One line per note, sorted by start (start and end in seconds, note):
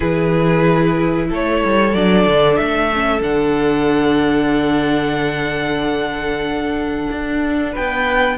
0.00 1.30 E3
0.00 1.91 E4
0.00 1.28 G#4
0.00 1.29 B4
1.28 1.63 A3
1.28 7.72 A4
1.28 1.94 C#5
1.64 1.94 G3
1.94 2.26 F#3
1.94 2.92 D4
1.94 2.56 D5
2.26 2.58 D3
2.56 3.21 A3
2.56 3.21 E5
2.93 3.21 C#4
3.21 7.08 D3
3.21 8.37 D4
3.21 7.74 F#5
7.11 7.75 D4
7.72 8.38 B3
7.72 8.36 B4
7.72 8.38 G5